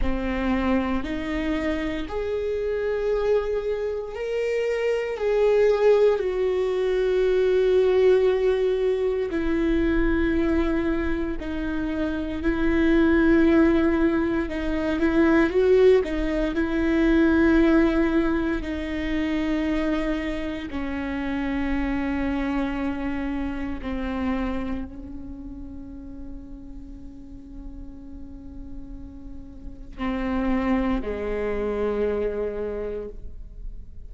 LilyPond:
\new Staff \with { instrumentName = "viola" } { \time 4/4 \tempo 4 = 58 c'4 dis'4 gis'2 | ais'4 gis'4 fis'2~ | fis'4 e'2 dis'4 | e'2 dis'8 e'8 fis'8 dis'8 |
e'2 dis'2 | cis'2. c'4 | cis'1~ | cis'4 c'4 gis2 | }